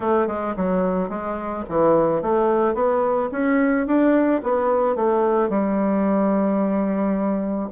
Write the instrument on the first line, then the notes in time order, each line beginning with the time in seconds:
bassoon
0.00 A3
0.27 G#3
0.56 F#3
1.09 G#3
1.68 E3
2.22 A3
2.74 B3
3.31 C#4
3.86 D4
4.43 B3
4.95 A3
5.49 G3